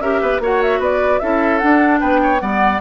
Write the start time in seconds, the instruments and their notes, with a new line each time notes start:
0.00 bassoon C#4, clarinet G4, oboe A#4, flute E5
0.22 bassoon B3, oboe B4
0.40 bassoon A#3, clarinet F#4, oboe C#5, flute F#5
0.62 flute E5
0.79 bassoon B3, oboe B4, flute D5
1.19 bassoon C#4, clarinet E4, oboe A4, flute E5
1.58 clarinet D4, bassoon D4, flute F#5
2.00 bassoon B3, oboe B4, flute G5
2.23 oboe C#5
2.39 bassoon G3, clarinet B3, oboe D5, flute F#5